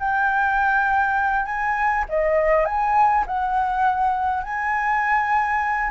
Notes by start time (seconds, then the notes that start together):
0.00 G5
1.46 G#5
2.09 D#5
2.66 G#5
3.27 F#5
4.44 G#5